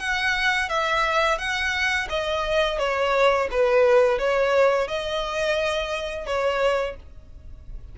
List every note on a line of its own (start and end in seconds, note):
0.00 0.69 F#5
0.69 1.38 E5
1.38 2.08 F#5
2.10 2.79 D#5
2.79 3.49 C#5
3.51 4.19 B4
4.19 4.88 C#5
4.88 6.27 D#5
6.27 6.96 C#5